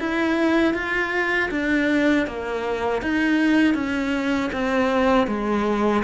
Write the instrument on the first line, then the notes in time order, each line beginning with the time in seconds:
cello
0.00 E4
0.74 F4
1.51 D4
2.27 A#3
3.02 D#4
3.75 C#4
4.53 C4
5.28 G#3